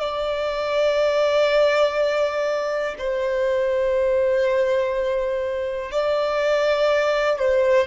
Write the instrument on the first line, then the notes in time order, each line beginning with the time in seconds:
violin
0.00 D5
2.98 C5
5.92 D5
7.39 C5